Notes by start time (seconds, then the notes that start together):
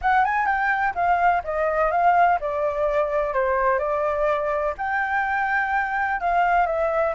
0.01 F#5
0.24 G#5
0.46 G5
0.94 F5
1.44 D#5
1.91 F5
2.40 D5
3.33 C5
3.78 D5
4.77 G5
6.20 F5
6.66 E5